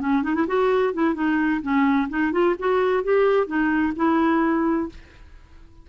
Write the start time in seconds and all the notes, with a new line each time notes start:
0.00 C#4
0.23 D#4
0.35 E4
0.48 F#4
0.94 E4
1.15 D#4
1.62 C#4
2.09 D#4
2.32 F4
2.59 F#4
3.04 G4
3.47 D#4
3.96 E4